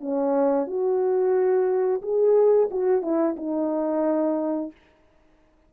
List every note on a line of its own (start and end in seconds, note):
0.00 0.66 C#4
0.66 2.01 F#4
2.02 2.69 G#4
2.70 3.02 F#4
3.02 3.35 E4
3.36 4.71 D#4